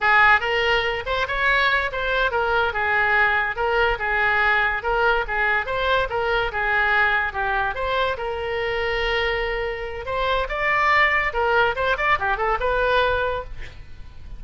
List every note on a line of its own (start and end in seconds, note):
0.01 0.40 G#4
0.40 1.03 A#4
1.06 1.27 C5
1.27 1.90 C#5
1.91 2.31 C5
2.31 2.73 A#4
2.73 3.56 G#4
3.56 3.98 A#4
3.98 4.82 G#4
4.82 5.24 A#4
5.27 5.65 G#4
5.65 6.07 C5
6.09 6.51 A#4
6.52 7.33 G#4
7.33 7.74 G4
7.74 8.16 C5
8.17 10.05 A#4
10.05 10.47 C5
10.48 11.32 D5
11.33 11.75 A#4
11.75 11.96 C5
11.97 12.18 D5
12.19 12.37 G4
12.37 12.58 A4
12.60 13.44 B4